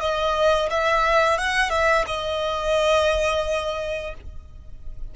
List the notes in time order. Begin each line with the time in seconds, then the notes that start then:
0.00 D#5
0.70 E5
1.38 F#5
1.70 E5
2.07 D#5